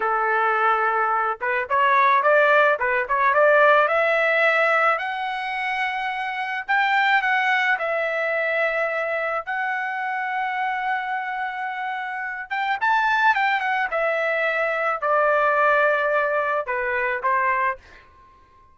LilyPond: \new Staff \with { instrumentName = "trumpet" } { \time 4/4 \tempo 4 = 108 a'2~ a'8 b'8 cis''4 | d''4 b'8 cis''8 d''4 e''4~ | e''4 fis''2. | g''4 fis''4 e''2~ |
e''4 fis''2.~ | fis''2~ fis''8 g''8 a''4 | g''8 fis''8 e''2 d''4~ | d''2 b'4 c''4 | }